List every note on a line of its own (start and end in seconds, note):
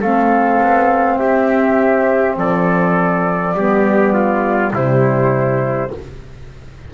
0.00 0.61 A3
0.00 3.54 C4
0.00 1.18 A4
0.00 1.17 F5
0.61 1.20 B3
1.17 2.36 C4
1.17 2.36 G4
1.17 2.35 E5
2.36 3.53 F3
2.36 3.56 A4
2.36 4.73 D5
3.53 4.71 G3
3.53 4.72 B3
3.53 4.13 G4
4.13 4.72 F4
4.73 5.90 C3
4.73 5.91 G3
4.73 5.91 E4
4.73 5.93 C5